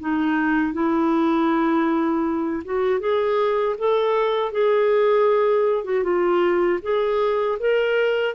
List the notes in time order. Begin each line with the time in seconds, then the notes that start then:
0.00 D#4
0.74 E4
2.65 F#4
3.00 G#4
3.79 A4
4.52 G#4
5.84 F#4
6.04 F4
6.83 G#4
7.60 A#4